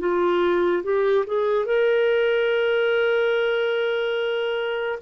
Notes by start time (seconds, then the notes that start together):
0.00 F4
0.84 G4
1.27 G#4
1.66 A#4